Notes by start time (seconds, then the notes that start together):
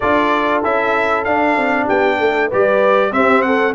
0.00 D4 F4 A4 D5
0.63 C#4 E4 E5
1.24 D4 F5
1.56 C4
1.86 B3 G4 G5
2.18 A3 A4
2.47 G3 G4 B4 D5
3.12 C4 G4 E5
3.42 A4 F#5